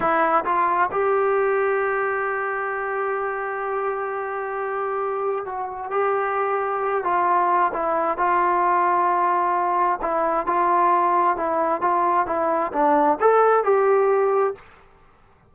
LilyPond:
\new Staff \with { instrumentName = "trombone" } { \time 4/4 \tempo 4 = 132 e'4 f'4 g'2~ | g'1~ | g'1 | fis'4 g'2~ g'8 f'8~ |
f'4 e'4 f'2~ | f'2 e'4 f'4~ | f'4 e'4 f'4 e'4 | d'4 a'4 g'2 | }